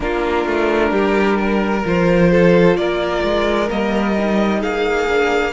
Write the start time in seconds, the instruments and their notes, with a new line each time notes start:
0.00 cello A#3, viola D4, violin F4 A#4
0.45 cello A3
0.91 cello G3, violin G4
1.39 violin A#4
1.84 cello F3, viola F4, violin C5
2.31 violin A4
2.76 cello A#3, violin A#4 D5
3.23 cello G#3
3.67 cello G3, viola A#3, violin D#5
4.18 viola D#4
4.60 cello A#3, violin G#4 F5
5.07 viola D4